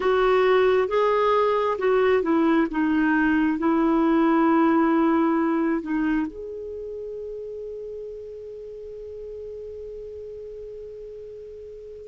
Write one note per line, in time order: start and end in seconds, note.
0.00 0.88 F#4
0.88 1.77 G#4
1.78 2.22 F#4
2.22 2.67 E4
2.70 3.58 D#4
3.58 5.82 E4
5.82 6.26 D#4
6.26 12.07 G#4